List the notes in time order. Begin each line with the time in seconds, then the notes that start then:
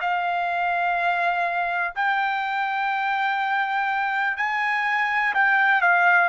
0.00 F5
1.95 G5
4.36 G#5
5.34 G5
5.81 F5